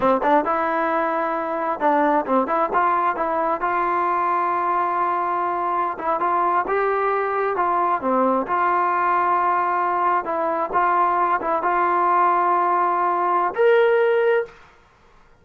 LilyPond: \new Staff \with { instrumentName = "trombone" } { \time 4/4 \tempo 4 = 133 c'8 d'8 e'2. | d'4 c'8 e'8 f'4 e'4 | f'1~ | f'4~ f'16 e'8 f'4 g'4~ g'16~ |
g'8. f'4 c'4 f'4~ f'16~ | f'2~ f'8. e'4 f'16~ | f'4~ f'16 e'8 f'2~ f'16~ | f'2 ais'2 | }